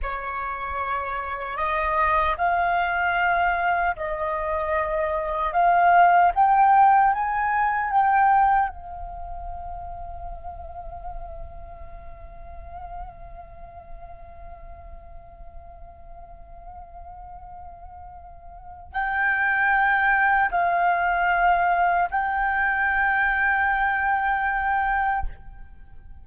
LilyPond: \new Staff \with { instrumentName = "flute" } { \time 4/4 \tempo 4 = 76 cis''2 dis''4 f''4~ | f''4 dis''2 f''4 | g''4 gis''4 g''4 f''4~ | f''1~ |
f''1~ | f''1 | g''2 f''2 | g''1 | }